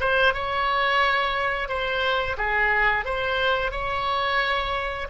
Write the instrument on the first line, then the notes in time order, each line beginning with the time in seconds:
oboe
0.00 C5
0.34 C#5
1.68 C5
2.37 G#4
3.05 C5
3.71 C#5